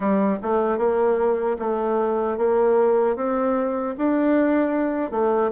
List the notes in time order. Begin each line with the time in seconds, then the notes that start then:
0.00 G3
0.42 A3
0.78 A#3
1.58 A3
2.37 A#3
3.16 C4
3.97 D4
5.11 A3